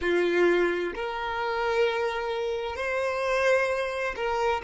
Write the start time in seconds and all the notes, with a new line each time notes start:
0.01 F4
0.94 A#4
2.76 C5
4.15 A#4